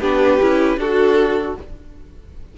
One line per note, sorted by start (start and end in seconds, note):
0.00 0.38 B3
0.00 0.40 D4
0.00 0.77 G4
0.00 0.79 B4
0.41 0.76 C#4
0.41 0.79 E4
0.76 1.53 D4
0.76 1.55 F#4
0.76 1.58 F#4
0.76 1.56 A4